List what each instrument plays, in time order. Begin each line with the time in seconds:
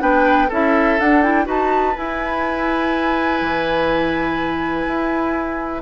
0.00 bassoon B3, clarinet D4, oboe B4, flute G5
0.48 bassoon C#4, clarinet E4, oboe A4, flute E5
1.00 bassoon D4, clarinet D4, flute F#5
1.22 clarinet E4, flute G5
1.45 bassoon D#4, clarinet F#4, oboe B4, flute A5
1.96 clarinet E4, bassoon E4, flute G#5
3.41 bassoon E3
4.87 bassoon E4